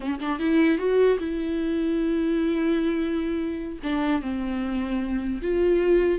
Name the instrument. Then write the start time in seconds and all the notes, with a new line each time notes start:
viola
0.00 C#4
0.19 D4
0.39 E4
0.78 F#4
1.18 E4
3.83 D4
4.21 C4
5.42 F4